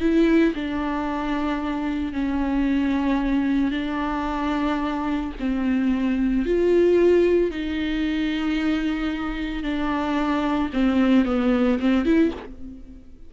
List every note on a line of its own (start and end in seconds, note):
0.00 0.54 E4
0.54 2.13 D4
2.13 3.71 C#4
3.71 5.32 D4
5.39 6.45 C4
6.45 7.51 F4
7.51 9.63 D#4
9.63 10.70 D4
10.73 11.25 C4
11.25 11.79 B3
11.79 12.05 C4
12.05 12.31 E4